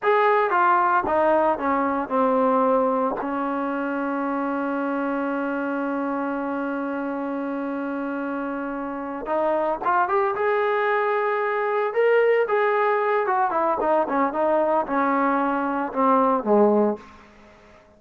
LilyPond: \new Staff \with { instrumentName = "trombone" } { \time 4/4 \tempo 4 = 113 gis'4 f'4 dis'4 cis'4 | c'2 cis'2~ | cis'1~ | cis'1~ |
cis'4. dis'4 f'8 g'8 gis'8~ | gis'2~ gis'8 ais'4 gis'8~ | gis'4 fis'8 e'8 dis'8 cis'8 dis'4 | cis'2 c'4 gis4 | }